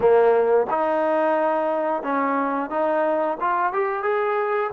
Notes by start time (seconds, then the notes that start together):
0.00 A#3
0.70 D#4
2.02 C#4
2.70 D#4
3.40 F4
3.72 G4
4.02 G#4